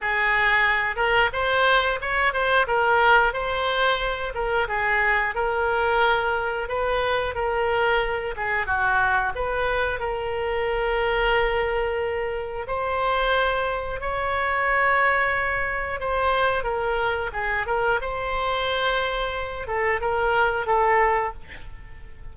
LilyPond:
\new Staff \with { instrumentName = "oboe" } { \time 4/4 \tempo 4 = 90 gis'4. ais'8 c''4 cis''8 c''8 | ais'4 c''4. ais'8 gis'4 | ais'2 b'4 ais'4~ | ais'8 gis'8 fis'4 b'4 ais'4~ |
ais'2. c''4~ | c''4 cis''2. | c''4 ais'4 gis'8 ais'8 c''4~ | c''4. a'8 ais'4 a'4 | }